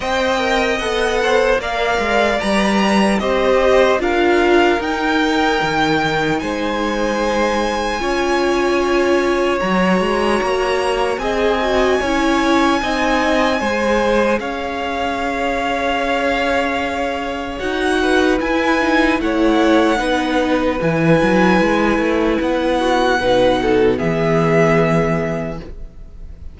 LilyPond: <<
  \new Staff \with { instrumentName = "violin" } { \time 4/4 \tempo 4 = 75 g''4 fis''4 f''4 ais''4 | dis''4 f''4 g''2 | gis''1 | ais''2 gis''2~ |
gis''2 f''2~ | f''2 fis''4 gis''4 | fis''2 gis''2 | fis''2 e''2 | }
  \new Staff \with { instrumentName = "violin" } { \time 4/4 dis''4. c''8 d''2 | c''4 ais'2. | c''2 cis''2~ | cis''2 dis''4 cis''4 |
dis''4 c''4 cis''2~ | cis''2~ cis''8 b'4. | cis''4 b'2.~ | b'8 fis'8 b'8 a'8 gis'2 | }
  \new Staff \with { instrumentName = "viola" } { \time 4/4 c''8 ais'8 a'4 ais'4 b'4 | g'4 f'4 dis'2~ | dis'2 f'2 | fis'2 gis'8 fis'8 e'4 |
dis'4 gis'2.~ | gis'2 fis'4 e'8 dis'8 | e'4 dis'4 e'2~ | e'4 dis'4 b2 | }
  \new Staff \with { instrumentName = "cello" } { \time 4/4 c'4 b4 ais8 gis8 g4 | c'4 d'4 dis'4 dis4 | gis2 cis'2 | fis8 gis8 ais4 c'4 cis'4 |
c'4 gis4 cis'2~ | cis'2 dis'4 e'4 | a4 b4 e8 fis8 gis8 a8 | b4 b,4 e2 | }
>>